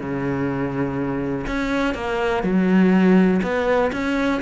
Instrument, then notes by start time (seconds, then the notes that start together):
cello
0.00 C#3
1.47 C#4
1.95 A#3
2.44 F#3
3.43 B3
3.93 C#4